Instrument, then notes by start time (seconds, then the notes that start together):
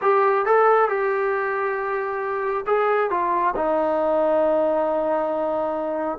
trombone
0.01 G4
0.45 A4
0.88 G4
2.66 G#4
3.10 F4
3.56 D#4